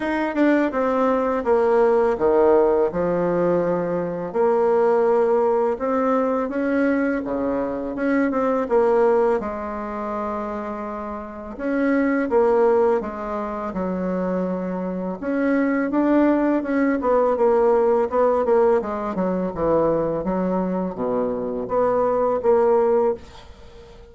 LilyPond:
\new Staff \with { instrumentName = "bassoon" } { \time 4/4 \tempo 4 = 83 dis'8 d'8 c'4 ais4 dis4 | f2 ais2 | c'4 cis'4 cis4 cis'8 c'8 | ais4 gis2. |
cis'4 ais4 gis4 fis4~ | fis4 cis'4 d'4 cis'8 b8 | ais4 b8 ais8 gis8 fis8 e4 | fis4 b,4 b4 ais4 | }